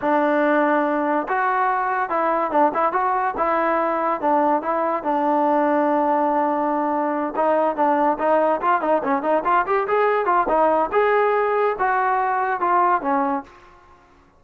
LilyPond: \new Staff \with { instrumentName = "trombone" } { \time 4/4 \tempo 4 = 143 d'2. fis'4~ | fis'4 e'4 d'8 e'8 fis'4 | e'2 d'4 e'4 | d'1~ |
d'4. dis'4 d'4 dis'8~ | dis'8 f'8 dis'8 cis'8 dis'8 f'8 g'8 gis'8~ | gis'8 f'8 dis'4 gis'2 | fis'2 f'4 cis'4 | }